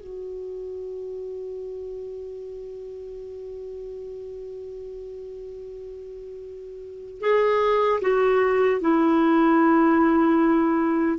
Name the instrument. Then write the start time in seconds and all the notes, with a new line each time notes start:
clarinet
0.00 F#4
7.20 G#4
8.01 F#4
8.80 E4